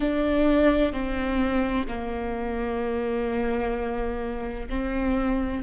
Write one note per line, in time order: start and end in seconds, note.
0.00 0.92 D4
0.92 1.86 C4
1.87 4.68 A#3
4.69 5.62 C4